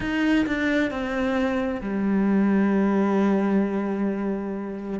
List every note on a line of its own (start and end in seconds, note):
0.00 0.45 D#4
0.46 0.90 D4
0.90 1.81 C4
1.81 4.99 G3